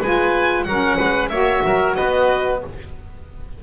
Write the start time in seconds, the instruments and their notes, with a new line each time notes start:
0.00 double bass G#3, saxophone F4, oboe B4, violin G#5
0.63 double bass F#3, saxophone C#4, oboe A#4, violin F#5
0.97 double bass G#3, oboe B4
1.28 double bass A#3, saxophone F#4, oboe C#5, violin E5
1.64 double bass F#3, oboe A#4
1.95 double bass B3, oboe B4, violin D#5